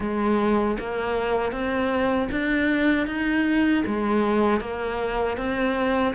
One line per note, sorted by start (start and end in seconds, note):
0.00 0.77 G#3
0.79 1.51 A#3
1.51 2.28 C4
2.31 3.07 D4
3.07 3.84 D#4
3.86 4.60 G#3
4.60 5.37 A#3
5.37 6.14 C4